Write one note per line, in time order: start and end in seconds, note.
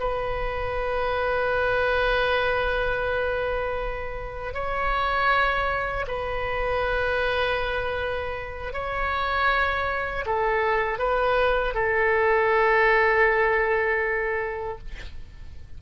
0.00 4.54 B4
4.54 6.06 C#5
6.08 8.73 B4
8.73 10.25 C#5
10.26 10.99 A4
10.99 11.74 B4
11.74 14.78 A4